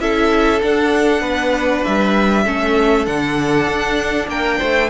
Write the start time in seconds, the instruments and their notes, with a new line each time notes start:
0.00 cello C#4, viola E4, violin A4 E5
0.61 viola D4, cello D4, violin F#5
1.21 cello B3, violin B4
1.85 cello G3, violin E5
2.45 cello A3, viola C#4, violin A4
3.06 cello D3, viola D4, violin F#5
3.67 cello D4
4.28 cello A#3, violin A#4 G5
4.59 cello A3, violin C5